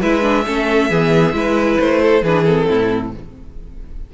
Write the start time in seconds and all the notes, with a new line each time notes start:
0.00 G#3 E4 B4 E5
0.22 D4
0.46 A3 C#4 A4
0.90 E3 B3 G#4
1.33 G#3 E4 B4
1.80 A3 C5
2.02 A4
2.22 E3 D4 G#4 B4
2.45 C4 A4
2.69 A2 E4